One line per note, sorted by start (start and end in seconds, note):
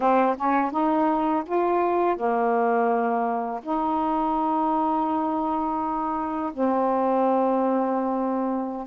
0.00 0.36 C4
0.37 0.71 C#4
0.71 1.43 D#4
1.46 2.16 F4
2.16 3.60 A#3
3.62 6.52 D#4
6.53 8.86 C4